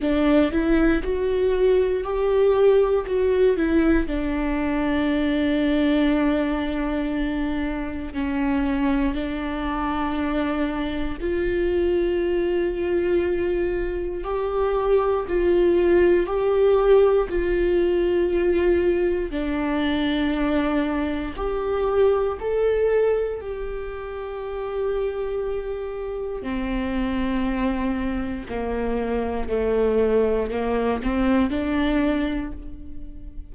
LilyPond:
\new Staff \with { instrumentName = "viola" } { \time 4/4 \tempo 4 = 59 d'8 e'8 fis'4 g'4 fis'8 e'8 | d'1 | cis'4 d'2 f'4~ | f'2 g'4 f'4 |
g'4 f'2 d'4~ | d'4 g'4 a'4 g'4~ | g'2 c'2 | ais4 a4 ais8 c'8 d'4 | }